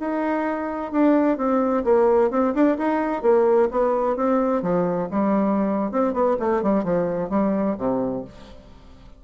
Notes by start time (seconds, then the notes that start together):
0.00 D#4
0.92 D4
1.38 C4
1.84 A#3
2.31 C4
2.55 D4
2.78 D#4
3.23 A#3
3.71 B3
4.16 C4
4.62 F3
5.11 G3
5.92 C4
6.14 B3
6.40 A3
6.63 G3
6.84 F3
7.30 G3
7.78 C3